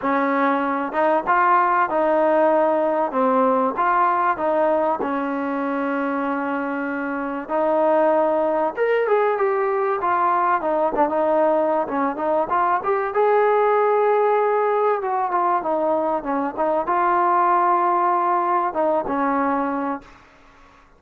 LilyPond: \new Staff \with { instrumentName = "trombone" } { \time 4/4 \tempo 4 = 96 cis'4. dis'8 f'4 dis'4~ | dis'4 c'4 f'4 dis'4 | cis'1 | dis'2 ais'8 gis'8 g'4 |
f'4 dis'8 d'16 dis'4~ dis'16 cis'8 dis'8 | f'8 g'8 gis'2. | fis'8 f'8 dis'4 cis'8 dis'8 f'4~ | f'2 dis'8 cis'4. | }